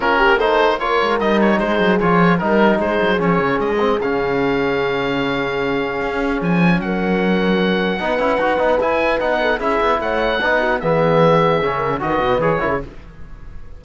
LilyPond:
<<
  \new Staff \with { instrumentName = "oboe" } { \time 4/4 \tempo 4 = 150 ais'4 c''4 cis''4 dis''8 cis''8 | c''4 cis''4 ais'4 c''4 | cis''4 dis''4 f''2~ | f''1 |
gis''4 fis''2.~ | fis''2 gis''4 fis''4 | e''4 fis''2 e''4~ | e''2 dis''4 cis''4 | }
  \new Staff \with { instrumentName = "horn" } { \time 4/4 f'8 g'8 a'4 ais'2 | gis'2 ais'4 gis'4~ | gis'1~ | gis'1~ |
gis'4 ais'2. | b'2.~ b'8 a'8 | gis'4 cis''4 b'8 fis'8 gis'4~ | gis'4. ais'8 b'4. ais'16 gis'16 | }
  \new Staff \with { instrumentName = "trombone" } { \time 4/4 cis'4 dis'4 f'4 dis'4~ | dis'4 f'4 dis'2 | cis'4. c'8 cis'2~ | cis'1~ |
cis'1 | dis'8 e'8 fis'8 dis'8 e'4 dis'4 | e'2 dis'4 b4~ | b4 cis'4 fis'4 gis'8 e'8 | }
  \new Staff \with { instrumentName = "cello" } { \time 4/4 ais2~ ais8 gis8 g4 | gis8 fis8 f4 g4 gis8 fis8 | f8 cis8 gis4 cis2~ | cis2. cis'4 |
f4 fis2. | b8 cis'8 dis'8 b8 e'4 b4 | cis'8 b8 a4 b4 e4~ | e4 cis4 dis8 b,8 e8 cis8 | }
>>